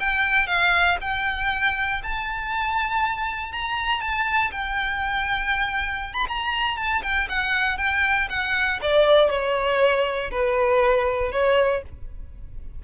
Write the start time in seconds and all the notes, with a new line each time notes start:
0.00 G5
0.47 F5
1.01 G5
2.03 A5
3.52 A#5
4.01 A5
4.51 G5
6.14 B5
6.28 A#5
6.77 A5
7.03 G5
7.29 F#5
7.78 G5
8.30 F#5
8.82 D5
9.30 C#5
10.31 B4
11.32 C#5